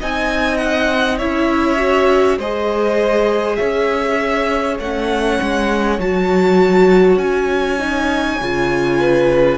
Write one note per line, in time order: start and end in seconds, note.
0.00 1.22 C4
0.00 1.20 D#4
0.00 1.18 D#5
0.00 0.57 G#5
0.57 1.17 F#5
1.18 2.38 C#4
1.18 1.77 E4
1.18 2.38 C#5
1.18 2.39 E5
1.77 2.37 F#4
2.38 3.58 G#3
2.38 4.81 G#4
2.38 3.58 C5
2.38 3.56 D#5
3.56 4.79 C#4
3.56 8.98 C#5
3.56 4.75 E5
4.79 5.39 A3
4.79 6.00 C#4
4.79 6.00 F#5
5.42 5.99 G#3
5.99 7.17 F#3
5.99 7.79 F#4
5.99 7.18 A5
7.17 8.37 C#4
7.17 9.58 G#5
7.79 8.39 D#4
8.41 9.58 C#3
8.41 9.58 F4
9.00 9.58 B4